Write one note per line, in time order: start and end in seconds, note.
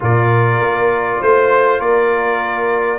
0.00 0.60 A#2
0.00 2.99 F4
0.00 1.20 A#4
0.00 1.22 D5
0.60 1.20 A#3
1.20 1.79 A3
1.20 1.79 C5
1.20 1.80 C5
1.79 2.99 A#3
1.79 2.99 A#4
1.79 2.99 D5